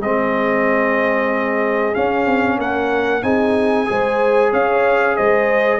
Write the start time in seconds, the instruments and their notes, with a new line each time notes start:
0.00 tuba G#3, trombone C4, horn G#4, trumpet D#5
1.93 trombone C#4, tuba C#4, trumpet F5
2.26 tuba C4
2.58 tuba A#3, horn A#4, trumpet F#5
3.22 tuba C4, trombone D#4, horn G#4, trumpet G#5
3.85 tuba G#3, trombone G#4, horn C5
4.51 tuba C#4, horn C#5, trumpet F5
5.16 tuba G#3, horn C5, trumpet D#5